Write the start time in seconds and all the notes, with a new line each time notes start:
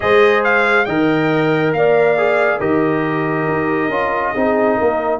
0.00 G#3 G#4 C5 D#5
0.43 F5
0.85 D#3 A#4 D#5 G5
1.72 A#3 D5 F5
2.17 G#4
2.59 D#3 G4 A#4 D#5
3.47 D#4
3.88 C#4 F4
4.34 C4 D#4 G#4
4.77 A#3 A#4